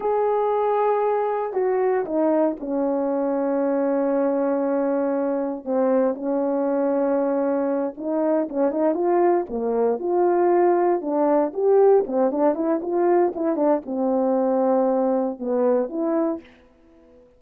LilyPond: \new Staff \with { instrumentName = "horn" } { \time 4/4 \tempo 4 = 117 gis'2. fis'4 | dis'4 cis'2.~ | cis'2. c'4 | cis'2.~ cis'8 dis'8~ |
dis'8 cis'8 dis'8 f'4 ais4 f'8~ | f'4. d'4 g'4 c'8 | d'8 e'8 f'4 e'8 d'8 c'4~ | c'2 b4 e'4 | }